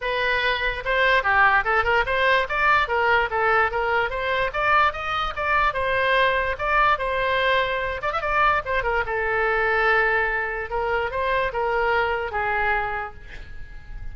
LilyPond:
\new Staff \with { instrumentName = "oboe" } { \time 4/4 \tempo 4 = 146 b'2 c''4 g'4 | a'8 ais'8 c''4 d''4 ais'4 | a'4 ais'4 c''4 d''4 | dis''4 d''4 c''2 |
d''4 c''2~ c''8 d''16 e''16 | d''4 c''8 ais'8 a'2~ | a'2 ais'4 c''4 | ais'2 gis'2 | }